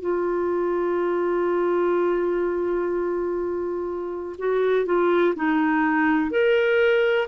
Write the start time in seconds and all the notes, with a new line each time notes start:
0.00 F4
4.38 F#4
4.85 F4
5.35 D#4
6.30 A#4